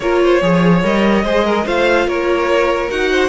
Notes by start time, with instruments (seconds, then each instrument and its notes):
0.00 cello A#3, viola F4, violin A#4 C#5
0.23 violin C5
0.42 cello F3, viola G#4, violin C#5
0.83 cello G3, viola A#4, violin D#5
1.24 cello G#3, viola G#4, violin C5
1.44 violin A#4
1.65 cello A3, viola F4, violin C5 F5
2.06 cello A#3, violin A#4 C#5
2.89 cello D#4, viola F#4, violin F#5
3.11 violin C5